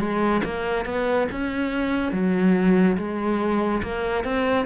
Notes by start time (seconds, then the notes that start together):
0.00 G#3
0.45 A#3
0.86 B3
1.32 C#4
2.13 F#3
2.98 G#3
3.83 A#3
4.25 C4